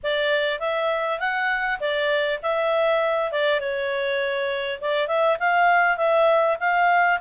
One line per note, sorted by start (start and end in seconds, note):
0.03 0.59 D5
0.59 1.19 E5
1.19 1.79 F#5
1.79 2.39 D5
2.42 3.31 E5
3.31 3.60 D5
3.60 4.80 C#5
4.80 5.07 D5
5.07 5.37 E5
5.39 5.97 F5
5.97 6.57 E5
6.60 7.20 F5